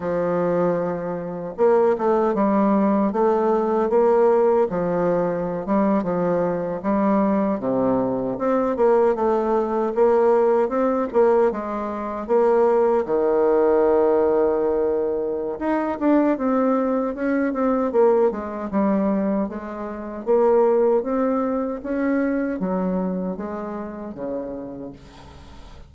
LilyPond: \new Staff \with { instrumentName = "bassoon" } { \time 4/4 \tempo 4 = 77 f2 ais8 a8 g4 | a4 ais4 f4~ f16 g8 f16~ | f8. g4 c4 c'8 ais8 a16~ | a8. ais4 c'8 ais8 gis4 ais16~ |
ais8. dis2.~ dis16 | dis'8 d'8 c'4 cis'8 c'8 ais8 gis8 | g4 gis4 ais4 c'4 | cis'4 fis4 gis4 cis4 | }